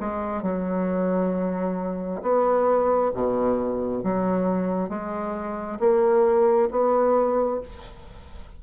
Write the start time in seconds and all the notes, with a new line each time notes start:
0.00 G#3
0.42 F#3
2.22 B3
3.14 B2
4.03 F#3
4.89 G#3
5.79 A#3
6.70 B3